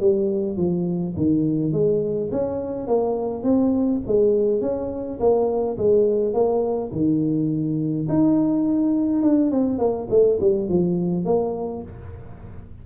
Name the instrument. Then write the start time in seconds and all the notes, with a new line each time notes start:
tuba
0.00 G3
0.57 F3
1.17 D#3
1.73 G#3
2.32 C#4
2.87 A#3
3.43 C4
4.07 G#3
4.62 C#4
5.20 A#3
5.78 G#3
6.34 A#3
6.92 D#3
8.09 D#4
9.23 D4
9.51 C4
9.79 A#3
10.10 A3
10.41 G3
10.69 F3
11.25 A#3